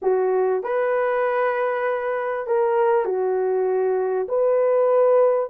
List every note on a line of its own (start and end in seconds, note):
0.01 0.63 F#4
0.63 2.46 B4
2.47 3.05 A#4
3.05 4.27 F#4
4.28 5.50 B4